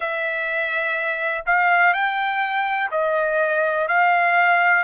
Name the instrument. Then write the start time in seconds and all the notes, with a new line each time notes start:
trumpet
0.00 E5
1.46 F5
1.93 G5
2.91 D#5
3.88 F5